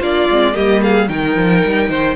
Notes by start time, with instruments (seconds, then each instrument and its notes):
0.00 cello A#3, viola D4, violin F4 D5
0.30 cello G#3, viola C4
0.54 cello G3, viola A#3, violin G4 D#5
0.82 violin G#4 F5
1.09 cello D#3, viola D#4, violin A#4 G5
1.36 cello F3
1.65 cello G3
1.90 cello D#3, violin C5